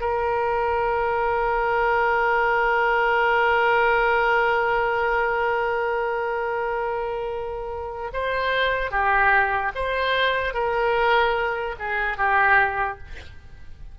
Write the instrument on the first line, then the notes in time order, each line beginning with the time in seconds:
oboe
0.00 A#4
8.13 C5
8.91 G4
9.75 C5
10.54 A#4
11.79 G#4
12.17 G4